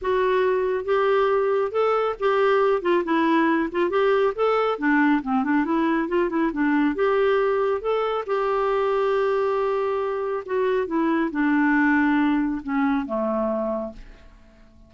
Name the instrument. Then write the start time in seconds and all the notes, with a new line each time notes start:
clarinet
0.01 F#4
0.85 G4
1.71 A4
2.19 G4
2.81 F4
3.04 E4
3.71 F4
3.90 G4
4.35 A4
4.78 D4
5.22 C4
5.43 D4
5.65 E4
6.08 F4
6.29 E4
6.52 D4
6.95 G4
7.81 A4
8.26 G4
10.45 F#4
10.86 E4
11.31 D4
12.62 C#4
13.06 A3